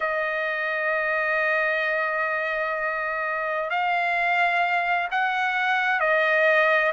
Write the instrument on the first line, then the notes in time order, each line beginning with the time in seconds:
trumpet
0.00 D#5
3.69 F5
5.11 F#5
6.00 D#5